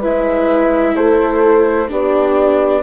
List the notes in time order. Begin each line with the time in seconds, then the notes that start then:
0.00 G#3 E4 B4 E5
0.96 A3 A4 C5
1.89 B3 D4 G4 D5